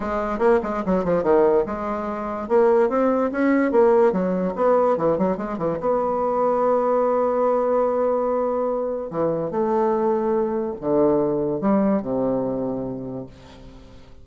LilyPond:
\new Staff \with { instrumentName = "bassoon" } { \time 4/4 \tempo 4 = 145 gis4 ais8 gis8 fis8 f8 dis4 | gis2 ais4 c'4 | cis'4 ais4 fis4 b4 | e8 fis8 gis8 e8 b2~ |
b1~ | b2 e4 a4~ | a2 d2 | g4 c2. | }